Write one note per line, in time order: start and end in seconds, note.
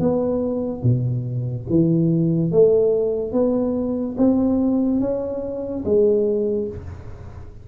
0.00 0.83 B3
0.83 1.66 B2
1.70 2.52 E3
2.52 3.33 A3
3.33 4.16 B3
4.17 5.00 C4
5.00 5.84 C#4
5.84 6.68 G#3